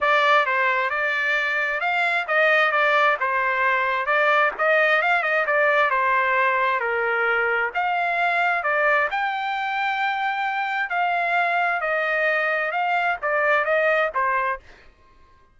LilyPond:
\new Staff \with { instrumentName = "trumpet" } { \time 4/4 \tempo 4 = 132 d''4 c''4 d''2 | f''4 dis''4 d''4 c''4~ | c''4 d''4 dis''4 f''8 dis''8 | d''4 c''2 ais'4~ |
ais'4 f''2 d''4 | g''1 | f''2 dis''2 | f''4 d''4 dis''4 c''4 | }